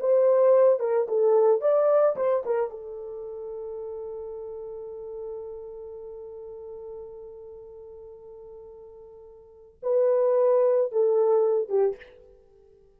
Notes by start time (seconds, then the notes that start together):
0.00 C5
0.79 A#4
1.08 A4
1.61 D5
2.16 C5
2.45 A#4
2.70 A4
9.83 B4
10.92 A4
11.69 G4